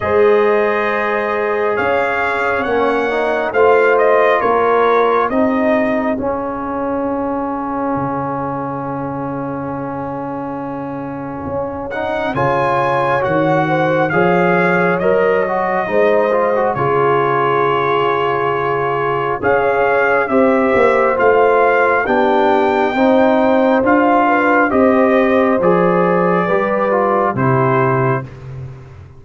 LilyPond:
<<
  \new Staff \with { instrumentName = "trumpet" } { \time 4/4 \tempo 4 = 68 dis''2 f''4 fis''4 | f''8 dis''8 cis''4 dis''4 f''4~ | f''1~ | f''4. fis''8 gis''4 fis''4 |
f''4 dis''2 cis''4~ | cis''2 f''4 e''4 | f''4 g''2 f''4 | dis''4 d''2 c''4 | }
  \new Staff \with { instrumentName = "horn" } { \time 4/4 c''2 cis''2 | c''4 ais'4 gis'2~ | gis'1~ | gis'2 cis''4. c''8 |
cis''2 c''4 gis'4~ | gis'2 cis''4 c''4~ | c''4 g'4 c''4. b'8 | c''2 b'4 g'4 | }
  \new Staff \with { instrumentName = "trombone" } { \time 4/4 gis'2. cis'8 dis'8 | f'2 dis'4 cis'4~ | cis'1~ | cis'4. dis'8 f'4 fis'4 |
gis'4 ais'8 fis'8 dis'8 f'16 fis'16 f'4~ | f'2 gis'4 g'4 | f'4 d'4 dis'4 f'4 | g'4 gis'4 g'8 f'8 e'4 | }
  \new Staff \with { instrumentName = "tuba" } { \time 4/4 gis2 cis'4 ais4 | a4 ais4 c'4 cis'4~ | cis'4 cis2.~ | cis4 cis'4 cis4 dis4 |
f4 fis4 gis4 cis4~ | cis2 cis'4 c'8 ais8 | a4 b4 c'4 d'4 | c'4 f4 g4 c4 | }
>>